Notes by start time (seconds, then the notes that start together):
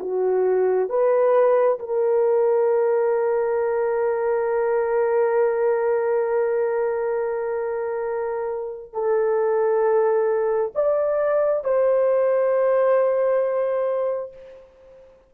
0.00 F#4
0.90 B4
1.80 A#4
8.93 A4
10.75 D5
11.64 C5